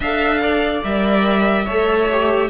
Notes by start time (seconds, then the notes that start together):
0.00 D4 A4 E5 F5
0.42 D5
0.83 G3 A#4 E5
1.65 A3 A4 C#5
2.11 G4